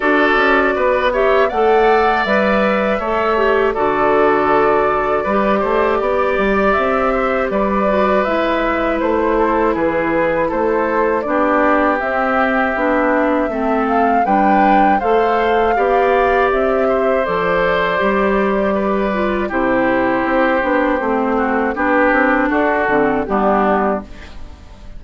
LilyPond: <<
  \new Staff \with { instrumentName = "flute" } { \time 4/4 \tempo 4 = 80 d''4. e''8 fis''4 e''4~ | e''4 d''2.~ | d''4 e''4 d''4 e''4 | c''4 b'4 c''4 d''4 |
e''2~ e''8 f''8 g''4 | f''2 e''4 d''4~ | d''2 c''2~ | c''4 b'4 a'4 g'4 | }
  \new Staff \with { instrumentName = "oboe" } { \time 4/4 a'4 b'8 cis''8 d''2 | cis''4 a'2 b'8 c''8 | d''4. c''8 b'2~ | b'8 a'8 gis'4 a'4 g'4~ |
g'2 a'4 b'4 | c''4 d''4. c''4.~ | c''4 b'4 g'2~ | g'8 fis'8 g'4 fis'4 d'4 | }
  \new Staff \with { instrumentName = "clarinet" } { \time 4/4 fis'4. g'8 a'4 b'4 | a'8 g'8 fis'2 g'4~ | g'2~ g'8 fis'8 e'4~ | e'2. d'4 |
c'4 d'4 c'4 d'4 | a'4 g'2 a'4 | g'4. f'8 e'4. d'8 | c'4 d'4. c'8 b4 | }
  \new Staff \with { instrumentName = "bassoon" } { \time 4/4 d'8 cis'8 b4 a4 g4 | a4 d2 g8 a8 | b8 g8 c'4 g4 gis4 | a4 e4 a4 b4 |
c'4 b4 a4 g4 | a4 b4 c'4 f4 | g2 c4 c'8 b8 | a4 b8 c'8 d'8 d8 g4 | }
>>